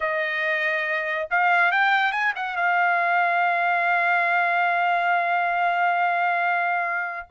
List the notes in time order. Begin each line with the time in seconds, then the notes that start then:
0.00 D#5
1.30 F5
1.71 G5
2.12 G#5
2.35 F#5
2.56 F5